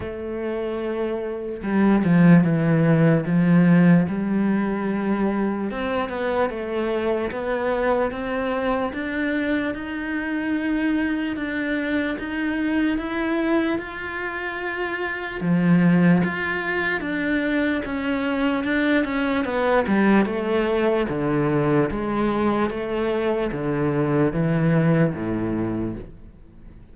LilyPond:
\new Staff \with { instrumentName = "cello" } { \time 4/4 \tempo 4 = 74 a2 g8 f8 e4 | f4 g2 c'8 b8 | a4 b4 c'4 d'4 | dis'2 d'4 dis'4 |
e'4 f'2 f4 | f'4 d'4 cis'4 d'8 cis'8 | b8 g8 a4 d4 gis4 | a4 d4 e4 a,4 | }